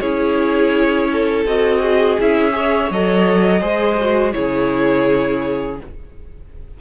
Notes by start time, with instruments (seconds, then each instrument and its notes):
0.00 cello C#4, viola E4, violin G#4 C#5
1.13 violin A4
1.45 cello C4, viola F#4, violin D#5
1.82 violin G#4
2.20 cello C#4, viola E4, violin E5
2.52 viola G#4, violin C#5
2.91 cello F#3, viola A4, violin D#5
3.61 cello G#3, viola G#4, violin C5
4.00 viola F#4
4.33 cello C#3, viola E4, violin G#4 C#5